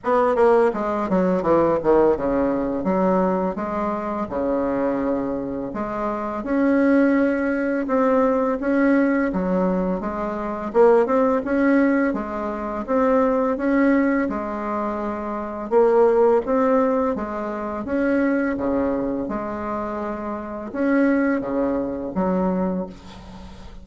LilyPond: \new Staff \with { instrumentName = "bassoon" } { \time 4/4 \tempo 4 = 84 b8 ais8 gis8 fis8 e8 dis8 cis4 | fis4 gis4 cis2 | gis4 cis'2 c'4 | cis'4 fis4 gis4 ais8 c'8 |
cis'4 gis4 c'4 cis'4 | gis2 ais4 c'4 | gis4 cis'4 cis4 gis4~ | gis4 cis'4 cis4 fis4 | }